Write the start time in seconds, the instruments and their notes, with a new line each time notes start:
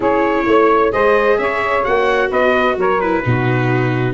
0.00 tuba C#4, viola E4, saxophone G#4, trumpet C#5
0.46 tuba A3, saxophone C#5
0.92 tuba G#3, viola G#4, saxophone C5, trumpet D#5
1.37 tuba C#4, saxophone C#5, trumpet E5
1.84 tuba A#3, viola F#4, trumpet F#5
2.29 tuba B3, saxophone B4, trumpet D#5
2.77 tuba F#3, saxophone A#4, trumpet C#5
3.00 viola E4, trumpet B4
3.23 tuba B2, viola D#4, saxophone F#4